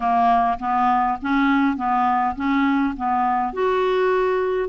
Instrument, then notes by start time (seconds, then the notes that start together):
clarinet
0.00 A#3
0.59 B3
1.21 C#4
1.76 B3
2.35 C#4
2.96 B3
3.53 F#4